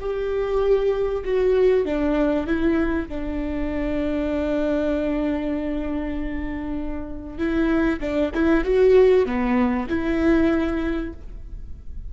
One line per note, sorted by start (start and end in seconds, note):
0.00 1.24 G4
1.25 1.86 F#4
1.86 2.47 D4
2.47 3.08 E4
3.08 7.38 D4
7.38 8.00 E4
8.00 8.31 D4
8.34 8.64 E4
8.64 9.26 F#4
9.26 9.88 B3
9.89 11.13 E4